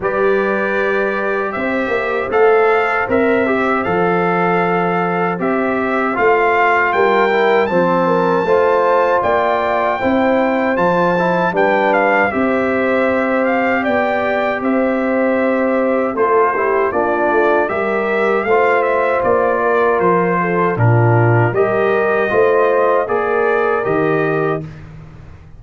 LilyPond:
<<
  \new Staff \with { instrumentName = "trumpet" } { \time 4/4 \tempo 4 = 78 d''2 e''4 f''4 | e''4 f''2 e''4 | f''4 g''4 a''2 | g''2 a''4 g''8 f''8 |
e''4. f''8 g''4 e''4~ | e''4 c''4 d''4 e''4 | f''8 e''8 d''4 c''4 ais'4 | dis''2 d''4 dis''4 | }
  \new Staff \with { instrumentName = "horn" } { \time 4/4 b'2 c''2~ | c''1~ | c''4 ais'4 c''8 ais'8 c''4 | d''4 c''2 b'4 |
c''2 d''4 c''4~ | c''4 a'8 g'8 f'4 ais'4 | c''4. ais'4 a'8 f'4 | ais'4 c''4 ais'2 | }
  \new Staff \with { instrumentName = "trombone" } { \time 4/4 g'2. a'4 | ais'8 g'8 a'2 g'4 | f'4. e'8 c'4 f'4~ | f'4 e'4 f'8 e'8 d'4 |
g'1~ | g'4 f'8 e'8 d'4 g'4 | f'2. d'4 | g'4 f'4 gis'4 g'4 | }
  \new Staff \with { instrumentName = "tuba" } { \time 4/4 g2 c'8 ais8 a4 | c'4 f2 c'4 | a4 g4 f4 a4 | ais4 c'4 f4 g4 |
c'2 b4 c'4~ | c'4 a4 ais8 a8 g4 | a4 ais4 f4 ais,4 | g4 a4 ais4 dis4 | }
>>